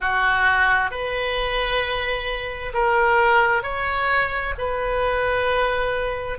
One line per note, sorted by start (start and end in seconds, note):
0.00 0.90 F#4
0.90 2.72 B4
2.73 3.62 A#4
3.62 4.53 C#5
4.57 6.38 B4